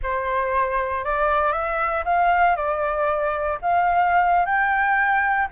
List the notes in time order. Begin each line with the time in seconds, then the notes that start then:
0.03 C5
1.04 D5
1.52 E5
2.04 F5
2.55 D5
3.61 F5
4.45 G5